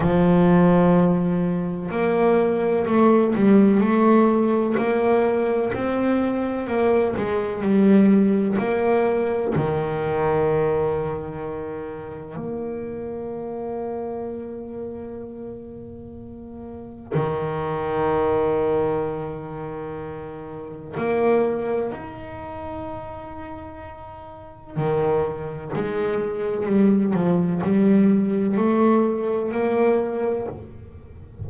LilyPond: \new Staff \with { instrumentName = "double bass" } { \time 4/4 \tempo 4 = 63 f2 ais4 a8 g8 | a4 ais4 c'4 ais8 gis8 | g4 ais4 dis2~ | dis4 ais2.~ |
ais2 dis2~ | dis2 ais4 dis'4~ | dis'2 dis4 gis4 | g8 f8 g4 a4 ais4 | }